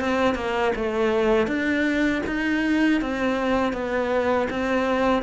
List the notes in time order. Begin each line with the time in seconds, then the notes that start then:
0.00 C4
0.35 A#3
0.76 A3
1.47 D4
2.27 D#4
3.01 C4
3.73 B3
4.50 C4